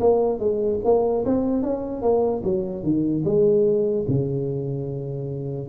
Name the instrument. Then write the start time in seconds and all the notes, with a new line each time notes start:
tuba
0.00 A#3
0.39 G#3
0.84 A#3
1.25 C4
1.63 C#4
2.02 A#3
2.43 F#3
2.83 D#3
3.25 G#3
4.08 C#3